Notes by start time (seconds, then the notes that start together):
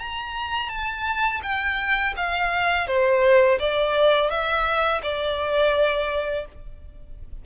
0.00 A#5
0.69 A5
1.43 G5
2.17 F5
2.88 C5
3.60 D5
4.31 E5
5.03 D5